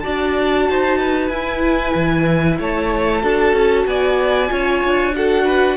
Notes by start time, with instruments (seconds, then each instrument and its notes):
0.00 cello D4, viola F#4, violin D5 A5
0.69 cello D#4, violin C5
0.99 violin B4
1.28 cello E4, viola E4, violin G#5
1.95 cello E3
2.60 cello A3, violin C#5 A5
3.22 cello D4, viola F#4, violin A4
3.53 cello C#4
3.86 cello B3, violin D5 G#5
4.48 cello C#4, viola F4, violin C#5
4.85 cello D4
5.15 viola F#4, violin A4 F#5
5.45 violin B4